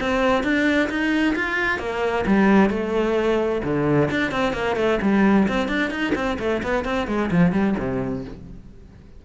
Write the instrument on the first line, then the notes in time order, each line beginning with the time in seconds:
cello
0.00 C4
0.43 D4
0.89 D#4
1.35 F4
1.79 A#3
2.27 G3
2.70 A3
3.64 D3
4.10 D4
4.31 C4
4.53 A#3
4.76 A3
5.02 G3
5.48 C4
5.68 D4
5.90 D#4
6.15 C4
6.39 A3
6.63 B3
6.85 C4
7.07 G#3
7.31 F3
7.52 G3
7.79 C3